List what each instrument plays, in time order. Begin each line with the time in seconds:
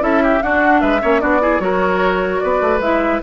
0.00 bassoon C#4, clarinet E4, oboe A4, flute E5
0.23 oboe G4
0.43 clarinet D4, bassoon D4, oboe F#4, flute F#5
0.81 bassoon G#3, oboe B4, flute E5
1.01 bassoon A#3, clarinet C#4, oboe C#5
1.20 bassoon B3, clarinet D4, oboe F#4, flute D5
1.41 clarinet E4, oboe G#4
1.60 bassoon F#3, clarinet F#4, oboe A#4, flute C#5
2.40 bassoon B3, oboe B4, flute D5
2.62 bassoon A3
2.80 bassoon G#3, clarinet E4, flute E5